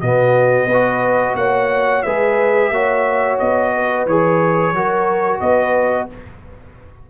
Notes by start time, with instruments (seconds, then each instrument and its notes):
0.00 tuba B2, trombone B3, horn F#4, trumpet D#5
0.66 tuba B3, horn B4
0.72 trombone F#4
1.35 tuba A#3, horn C#5, trumpet F#5
2.02 tuba G#3, trombone G#4, horn B4, trumpet E5
2.70 tuba A#3, trombone F#4, horn C#5
3.39 tuba B3, trumpet D#5
3.73 horn B4
4.05 tuba E3, trombone G#4, trumpet C#5
4.72 tuba F#3, trombone F#4, horn A#4
5.40 tuba B3, horn B4, trumpet D#5